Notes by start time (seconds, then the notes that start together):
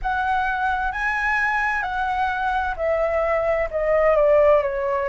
0.02 F#5
0.91 G#5
1.82 F#5
2.76 E5
3.70 D#5
4.16 D5
4.62 C#5